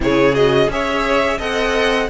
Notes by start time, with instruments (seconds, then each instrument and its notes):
0.00 cello C#3, viola E4, violin G#4 C#5
0.34 viola F#4, violin D#5
0.68 cello C#4, viola G#4, violin C#5 E5
1.37 cello C4, viola A4, violin D#5 F#5